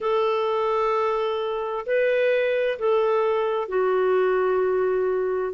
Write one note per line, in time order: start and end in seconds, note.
0.00 1.85 A4
1.85 2.78 B4
2.79 3.68 A4
3.68 5.53 F#4